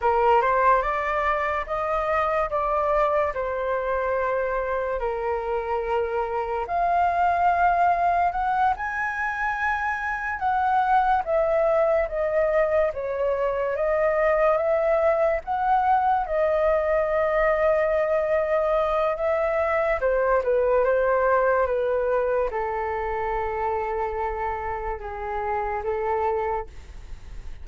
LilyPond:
\new Staff \with { instrumentName = "flute" } { \time 4/4 \tempo 4 = 72 ais'8 c''8 d''4 dis''4 d''4 | c''2 ais'2 | f''2 fis''8 gis''4.~ | gis''8 fis''4 e''4 dis''4 cis''8~ |
cis''8 dis''4 e''4 fis''4 dis''8~ | dis''2. e''4 | c''8 b'8 c''4 b'4 a'4~ | a'2 gis'4 a'4 | }